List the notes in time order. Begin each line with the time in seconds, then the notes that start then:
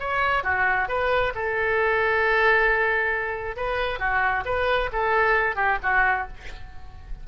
0.00 C#5
0.44 F#4
0.89 B4
1.35 A4
3.57 B4
4.00 F#4
4.46 B4
4.93 A4
5.56 G4
5.83 F#4